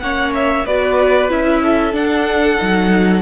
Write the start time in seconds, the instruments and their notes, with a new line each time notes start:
0.00 cello A#3, viola C#4, violin C#5 F#5
0.34 violin E5
0.66 cello B3, viola F#4, violin B4 D5
1.29 cello C#4, viola E4, violin E5
1.62 violin A4
1.92 viola D4, cello D4, violin F#5
2.58 cello F#3, viola D#4